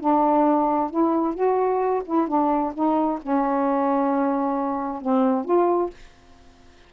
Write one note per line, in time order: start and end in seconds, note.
0.00 0.90 D4
0.90 1.34 E4
1.34 2.02 F#4
2.05 2.28 E4
2.28 2.73 D4
2.74 3.19 D#4
3.22 5.01 C#4
5.01 5.45 C4
5.45 5.90 F4